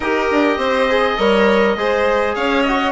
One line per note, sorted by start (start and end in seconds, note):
0.00 0.30 D#4
0.00 0.90 G4
0.00 0.57 A#4
0.00 2.35 D#5
0.31 0.57 D4
0.57 1.16 C4
0.57 1.16 C5
0.90 1.18 G#4
1.18 1.76 G3
1.18 1.76 A#4
1.18 1.77 C#5
1.76 2.35 G#3
1.76 2.65 G#4
1.76 2.34 C5
2.34 2.91 C#4
2.34 2.91 C#5
2.34 2.62 F5
2.62 2.91 F#4
2.62 2.91 D#5